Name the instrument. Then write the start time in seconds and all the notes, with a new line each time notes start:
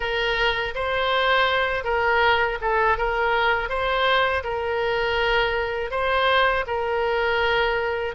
oboe
0.00 A#4
0.74 C5
1.84 A#4
2.61 A4
2.97 A#4
3.69 C5
4.43 A#4
5.91 C5
6.66 A#4